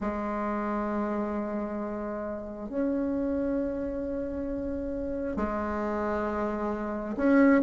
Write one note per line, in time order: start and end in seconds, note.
0.00 2.69 G#3
2.69 5.36 C#4
5.36 7.15 G#3
7.16 7.61 C#4